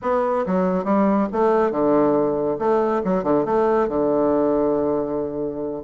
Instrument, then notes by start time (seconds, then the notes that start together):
bassoon
0.02 B3
0.46 F#3
0.84 G3
1.32 A3
1.71 D3
2.59 A3
3.04 F#3
3.23 D3
3.45 A3
3.88 D3